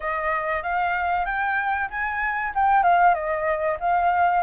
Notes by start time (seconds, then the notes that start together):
0.00 D#5
0.62 F5
1.25 G5
1.89 G#5
2.54 G5
2.83 F5
3.14 D#5
3.80 F5